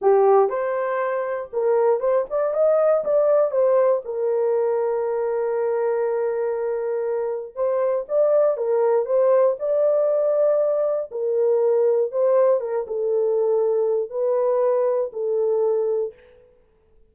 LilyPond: \new Staff \with { instrumentName = "horn" } { \time 4/4 \tempo 4 = 119 g'4 c''2 ais'4 | c''8 d''8 dis''4 d''4 c''4 | ais'1~ | ais'2. c''4 |
d''4 ais'4 c''4 d''4~ | d''2 ais'2 | c''4 ais'8 a'2~ a'8 | b'2 a'2 | }